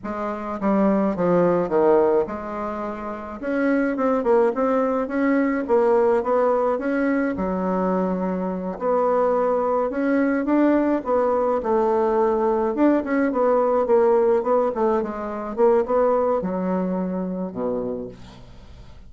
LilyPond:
\new Staff \with { instrumentName = "bassoon" } { \time 4/4 \tempo 4 = 106 gis4 g4 f4 dis4 | gis2 cis'4 c'8 ais8 | c'4 cis'4 ais4 b4 | cis'4 fis2~ fis8 b8~ |
b4. cis'4 d'4 b8~ | b8 a2 d'8 cis'8 b8~ | b8 ais4 b8 a8 gis4 ais8 | b4 fis2 b,4 | }